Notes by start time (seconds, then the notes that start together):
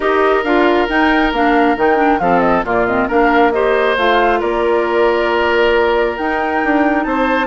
0.00 D#4 G4 A#4 D#5
0.43 D4 F4 F5
0.88 D#4 G5
1.32 A#3 D4 F5
1.76 D#3 D#4 G5
1.96 D4
2.19 F3 C4 A4 F5
2.40 D#5
2.64 A#2 A#3 F4 D5
2.86 C4 D#5
3.07 A#3 D4 A#4 F5
3.51 G4 C5 D#5
3.97 A3 F4 F5
4.39 A#3 A#4 D5
6.17 D#4 G5
6.64 D4
7.03 C4 C5 A5